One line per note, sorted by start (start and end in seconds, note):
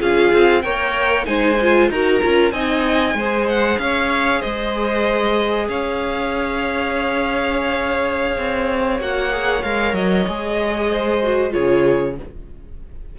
0.00 0.33 C#4
0.00 0.64 F4
0.00 0.63 G#4
0.00 0.62 F5
0.33 0.64 C4
0.62 1.27 A#3
0.62 1.25 A#4
0.62 1.27 C#5
0.62 1.25 G5
1.25 1.90 G#3
1.25 1.56 D#4
1.25 1.90 C5
1.25 1.89 G#5
1.62 1.93 F4
1.90 2.22 D#4
1.90 2.21 F#4
1.90 2.53 A#4
1.90 2.52 A#5
2.21 2.52 C#4
2.21 2.53 F4
2.52 3.14 C4
2.52 3.17 D#4
2.52 3.16 D#5
2.52 3.47 G#5
3.14 3.78 G#3
3.14 9.00 G#4
3.14 3.81 C5
3.49 3.78 F#5
3.78 4.42 C#4
3.78 4.41 C#5
3.78 4.41 F5
4.41 5.69 G#3
4.41 5.67 C5
4.41 5.68 D#5
5.69 8.37 C#4
5.69 10.91 C#5
5.69 9.00 F5
8.37 9.00 C4
9.00 9.63 A#3
9.00 9.31 F#4
9.00 9.63 F#5
9.32 9.63 G#4
9.63 9.93 G#3
9.63 10.27 A#4
9.63 9.95 F5
9.93 10.25 F#3
9.93 11.52 D#5
10.28 11.54 G#3
10.28 11.22 G#4
10.91 11.53 C5
11.23 11.50 F#4
11.50 12.19 C#3
11.50 12.14 F4
11.50 12.16 G#4
11.50 12.16 C#5